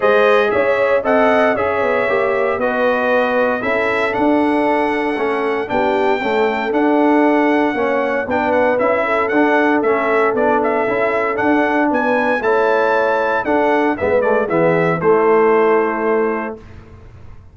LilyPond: <<
  \new Staff \with { instrumentName = "trumpet" } { \time 4/4 \tempo 4 = 116 dis''4 e''4 fis''4 e''4~ | e''4 dis''2 e''4 | fis''2. g''4~ | g''4 fis''2. |
g''8 fis''8 e''4 fis''4 e''4 | d''8 e''4. fis''4 gis''4 | a''2 fis''4 e''8 d''8 | e''4 c''2. | }
  \new Staff \with { instrumentName = "horn" } { \time 4/4 c''4 cis''4 dis''4 cis''4~ | cis''4 b'2 a'4~ | a'2. g'4 | a'2. cis''4 |
b'4. a'2~ a'8~ | a'2. b'4 | cis''2 a'4 b'4 | gis'4 e'2. | }
  \new Staff \with { instrumentName = "trombone" } { \time 4/4 gis'2 a'4 gis'4 | g'4 fis'2 e'4 | d'2 cis'4 d'4 | a4 d'2 cis'4 |
d'4 e'4 d'4 cis'4 | d'4 e'4 d'2 | e'2 d'4 b8 a8 | b4 a2. | }
  \new Staff \with { instrumentName = "tuba" } { \time 4/4 gis4 cis'4 c'4 cis'8 b8 | ais4 b2 cis'4 | d'2 a4 b4 | cis'4 d'2 ais4 |
b4 cis'4 d'4 a4 | b4 cis'4 d'4 b4 | a2 d'4 gis4 | e4 a2. | }
>>